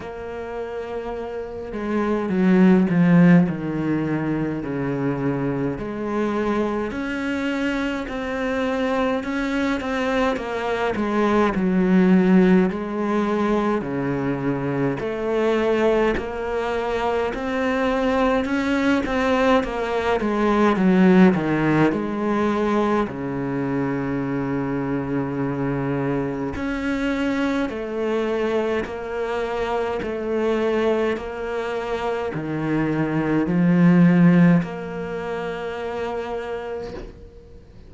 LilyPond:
\new Staff \with { instrumentName = "cello" } { \time 4/4 \tempo 4 = 52 ais4. gis8 fis8 f8 dis4 | cis4 gis4 cis'4 c'4 | cis'8 c'8 ais8 gis8 fis4 gis4 | cis4 a4 ais4 c'4 |
cis'8 c'8 ais8 gis8 fis8 dis8 gis4 | cis2. cis'4 | a4 ais4 a4 ais4 | dis4 f4 ais2 | }